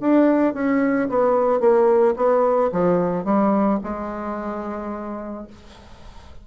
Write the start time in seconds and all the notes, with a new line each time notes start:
0.00 D4
0.54 C#4
1.09 B3
1.60 A#3
2.16 B3
2.72 F3
3.25 G3
3.83 G#3